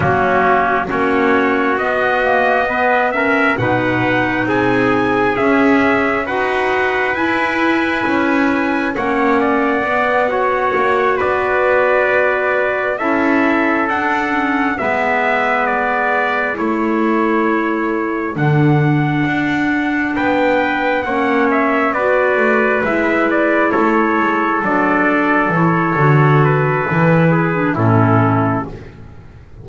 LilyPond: <<
  \new Staff \with { instrumentName = "trumpet" } { \time 4/4 \tempo 4 = 67 fis'4 cis''4 dis''4. e''8 | fis''4 gis''4 e''4 fis''4 | gis''2 fis''2~ | fis''8 d''2 e''4 fis''8~ |
fis''8 e''4 d''4 cis''4.~ | cis''8 fis''2 g''4 fis''8 | e''8 d''4 e''8 d''8 cis''4 d''8~ | d''8 cis''4 b'4. a'4 | }
  \new Staff \with { instrumentName = "trumpet" } { \time 4/4 cis'4 fis'2 b'8 ais'8 | b'4 gis'2 b'4~ | b'2 cis''8 d''4 cis''8~ | cis''8 b'2 a'4.~ |
a'8 b'2 a'4.~ | a'2~ a'8 b'4 cis''8~ | cis''8 b'2 a'4.~ | a'2~ a'8 gis'8 e'4 | }
  \new Staff \with { instrumentName = "clarinet" } { \time 4/4 ais4 cis'4 b8 ais8 b8 cis'8 | dis'2 cis'4 fis'4 | e'2 cis'4 b8 fis'8~ | fis'2~ fis'8 e'4 d'8 |
cis'8 b2 e'4.~ | e'8 d'2. cis'8~ | cis'8 fis'4 e'2 d'8~ | d'8 e'8 fis'4 e'8. d'16 cis'4 | }
  \new Staff \with { instrumentName = "double bass" } { \time 4/4 fis4 ais4 b2 | b,4 c'4 cis'4 dis'4 | e'4 cis'4 ais4 b4 | ais8 b2 cis'4 d'8~ |
d'8 gis2 a4.~ | a8 d4 d'4 b4 ais8~ | ais8 b8 a8 gis4 a8 gis8 fis8~ | fis8 e8 d4 e4 a,4 | }
>>